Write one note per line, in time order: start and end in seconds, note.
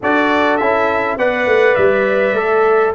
0.00 0.60 D4
0.00 0.61 F#4
0.00 1.18 A4
0.00 0.57 D5
0.57 1.16 C#4
0.57 1.19 E4
0.57 1.16 E5
1.16 1.46 B3
1.16 2.36 B4
1.16 2.94 D5
1.16 1.75 F#5
1.46 1.75 A3
1.75 2.32 G3
1.75 2.93 E5
2.32 2.91 A3
2.32 2.94 A4